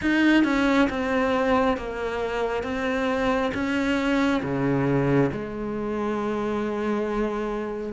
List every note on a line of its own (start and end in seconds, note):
0.01 0.44 D#4
0.44 0.88 C#4
0.89 1.76 C4
1.76 2.63 A#3
2.63 3.51 C4
3.53 4.42 C#4
4.42 5.31 C#3
5.32 7.93 G#3